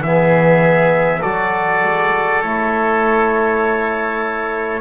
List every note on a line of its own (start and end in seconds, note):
0.00 1.20 E3
0.00 1.22 B3
0.00 1.22 E5
0.06 1.20 G#4
1.20 1.83 F#3
1.20 2.43 F#4
1.20 4.80 A4
1.20 2.41 D5
1.83 2.42 G#3
2.41 4.80 A3
2.41 4.80 E4
2.41 4.80 C#5